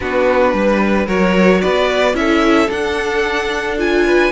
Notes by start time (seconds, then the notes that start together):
0.00 B3 D4 F#4 B4
0.53 G3 B4
1.06 F#3 F#4 A#4 C#5
1.61 B3 B4 D5
2.13 C#4 E4 A4 E5
2.69 D4 F#5
3.77 F4 G#5
4.06 B4